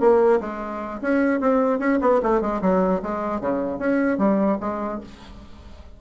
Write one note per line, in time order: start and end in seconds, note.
0.00 0.40 A#3
0.40 1.00 G#3
1.01 1.40 C#4
1.40 1.79 C4
1.79 1.99 C#4
2.01 2.21 B3
2.23 2.41 A3
2.41 2.61 G#3
2.62 3.02 F#3
3.02 3.41 G#3
3.41 3.79 C#3
3.79 4.18 C#4
4.18 4.58 G3
4.60 5.00 G#3